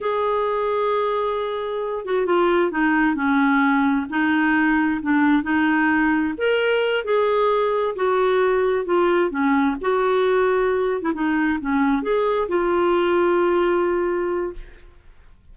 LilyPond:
\new Staff \with { instrumentName = "clarinet" } { \time 4/4 \tempo 4 = 132 gis'1~ | gis'8 fis'8 f'4 dis'4 cis'4~ | cis'4 dis'2 d'4 | dis'2 ais'4. gis'8~ |
gis'4. fis'2 f'8~ | f'8 cis'4 fis'2~ fis'8~ | fis'16 e'16 dis'4 cis'4 gis'4 f'8~ | f'1 | }